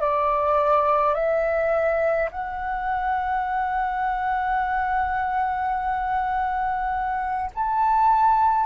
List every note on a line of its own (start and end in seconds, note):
0.00 1.14 D5
1.14 2.29 E5
2.31 7.50 F#5
7.54 8.66 A5